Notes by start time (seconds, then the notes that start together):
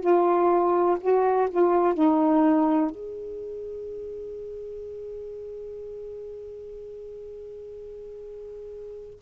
0.00 F4
1.00 F#4
1.50 F4
1.94 D#4
2.90 G#4